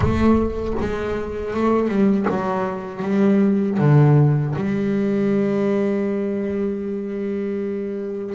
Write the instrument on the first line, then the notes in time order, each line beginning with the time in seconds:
double bass
0.00 A3
0.80 G#3
1.54 A3
1.88 G3
2.29 F#3
3.02 G3
3.78 D3
4.55 G3